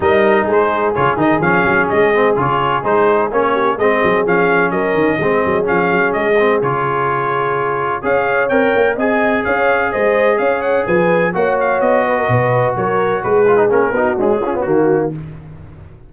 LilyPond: <<
  \new Staff \with { instrumentName = "trumpet" } { \time 4/4 \tempo 4 = 127 dis''4 c''4 cis''8 dis''8 f''4 | dis''4 cis''4 c''4 cis''4 | dis''4 f''4 dis''2 | f''4 dis''4 cis''2~ |
cis''4 f''4 g''4 gis''4 | f''4 dis''4 f''8 fis''8 gis''4 | fis''8 f''8 dis''2 cis''4 | b'4 ais'4 gis'4 fis'4 | }
  \new Staff \with { instrumentName = "horn" } { \time 4/4 ais'4 gis'2.~ | gis'2.~ gis'8 g'8 | gis'2 ais'4 gis'4~ | gis'1~ |
gis'4 cis''2 dis''4 | cis''4 c''4 cis''4 b'4 | cis''4. b'16 ais'16 b'4 ais'4 | gis'4. fis'4 f'8 fis'4 | }
  \new Staff \with { instrumentName = "trombone" } { \time 4/4 dis'2 f'8 dis'8 cis'4~ | cis'8 c'8 f'4 dis'4 cis'4 | c'4 cis'2 c'4 | cis'4. c'8 f'2~ |
f'4 gis'4 ais'4 gis'4~ | gis'1 | fis'1~ | fis'8 f'16 dis'16 cis'8 dis'8 gis8 cis'16 b16 ais4 | }
  \new Staff \with { instrumentName = "tuba" } { \time 4/4 g4 gis4 cis8 dis8 f8 fis8 | gis4 cis4 gis4 ais4 | gis8 fis8 f4 fis8 dis8 gis8 fis8 | f8 fis8 gis4 cis2~ |
cis4 cis'4 c'8 ais8 c'4 | cis'4 gis4 cis'4 f4 | ais4 b4 b,4 fis4 | gis4 ais8 b8 cis'4 dis4 | }
>>